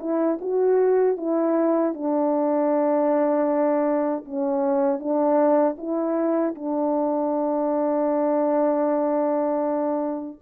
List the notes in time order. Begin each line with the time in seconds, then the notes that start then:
0.00 E4
0.41 F#4
1.17 E4
1.94 D4
4.25 C#4
4.99 D4
5.78 E4
6.55 D4